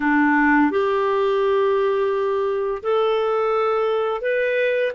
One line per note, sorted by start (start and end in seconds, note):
0.00 0.70 D4
0.70 2.82 G4
2.82 4.21 A4
4.21 4.92 B4